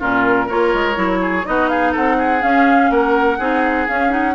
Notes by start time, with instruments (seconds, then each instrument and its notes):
0.00 bassoon A#2, clarinet C#4, oboe F4, flute A#4
0.46 bassoon A#3, clarinet F4, oboe A#4, flute C#5
0.74 bassoon G#3
0.95 bassoon F#3, clarinet E4
1.22 oboe G#4
1.46 bassoon B3, clarinet D#4, oboe F#4, flute D#5
1.69 oboe G#4, flute F5
1.92 bassoon C4, oboe A4, flute F#5
2.18 oboe G#4
2.41 clarinet C#4, bassoon C#4, flute F5
2.91 bassoon A#3, oboe A#4, flute F#5
3.39 bassoon C4, clarinet D#4, oboe G#4
3.88 bassoon C#4, clarinet C#4, flute F5
4.10 clarinet D#4, flute F#5